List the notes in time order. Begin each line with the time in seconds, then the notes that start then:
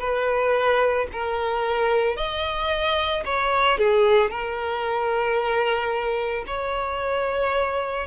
0.00 B4
1.12 A#4
2.17 D#5
3.25 C#5
3.78 G#4
4.31 A#4
6.47 C#5